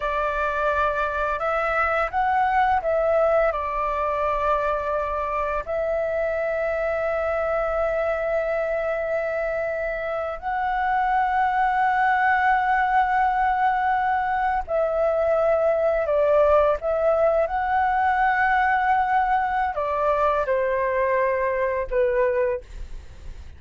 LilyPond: \new Staff \with { instrumentName = "flute" } { \time 4/4 \tempo 4 = 85 d''2 e''4 fis''4 | e''4 d''2. | e''1~ | e''2~ e''8. fis''4~ fis''16~ |
fis''1~ | fis''8. e''2 d''4 e''16~ | e''8. fis''2.~ fis''16 | d''4 c''2 b'4 | }